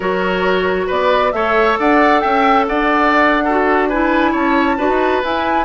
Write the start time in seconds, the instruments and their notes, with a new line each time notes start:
0.00 bassoon F#3, clarinet F#4, oboe A#4, flute C#5
0.87 bassoon B3, oboe B4, flute D5
1.32 bassoon A3, clarinet A4, oboe C#5, flute E5
1.79 bassoon D4, oboe D5, flute F#5
2.20 bassoon C#4, oboe E5, flute G5
2.67 bassoon D4, oboe D5, flute F#5
3.44 clarinet F#4, oboe A4
3.88 clarinet E4, oboe B4, flute G#5
4.31 bassoon C#4, oboe C#5, flute A5
4.77 bassoon D4, clarinet F#4, oboe B4
4.88 bassoon D#4
5.23 clarinet E4, bassoon E4, flute G#5